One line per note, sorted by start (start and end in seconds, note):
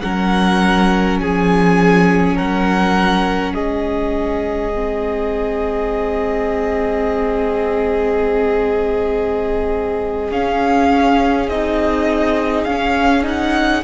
0.00 1.20 F#3
0.00 4.73 C#4
0.00 1.21 A#4
0.00 1.18 F#5
1.20 2.38 F3
1.20 2.36 G#4
1.20 2.37 G#5
2.36 3.56 F#3
2.36 3.53 A#4
2.36 3.54 F#5
3.54 10.31 G#3
3.54 13.84 G#4
3.54 10.30 D#5
4.74 10.32 C4
10.31 11.49 C#4
10.31 11.50 C#4
10.31 11.49 F5
11.49 12.66 C4
11.49 12.68 D#4
11.49 12.64 D#5
12.64 13.83 C#4
12.64 13.23 C#4
12.64 13.23 F5
13.23 13.82 D#4
13.23 13.84 F#5